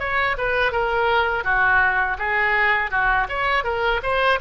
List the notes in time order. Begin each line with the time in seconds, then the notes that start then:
0.00 C#5
0.38 B4
0.72 A#4
1.44 F#4
2.19 G#4
2.91 F#4
3.29 C#5
3.64 A#4
4.03 C5